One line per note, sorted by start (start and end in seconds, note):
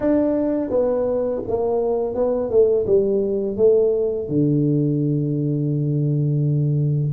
0.00 0.70 D4
0.70 1.41 B3
1.47 2.14 A#3
2.14 2.50 B3
2.50 2.85 A3
2.86 3.56 G3
3.56 4.28 A3
4.28 7.12 D3